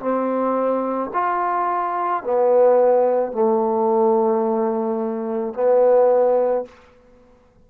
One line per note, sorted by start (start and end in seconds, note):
0.00 1.11 C4
1.14 2.23 F4
2.23 3.32 B3
3.32 5.54 A3
5.54 6.65 B3